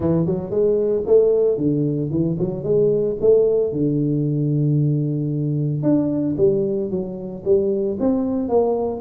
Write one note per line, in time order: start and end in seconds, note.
0.00 0.25 E3
0.25 0.50 F#3
0.50 1.03 G#3
1.06 1.57 A3
1.57 2.10 D3
2.10 2.37 E3
2.39 2.63 F#3
2.63 3.16 G#3
3.21 3.72 A3
3.72 5.82 D3
5.82 6.35 D4
6.37 6.90 G3
6.90 7.43 F#3
7.44 7.97 G3
7.99 8.48 C4
8.48 9.00 A#3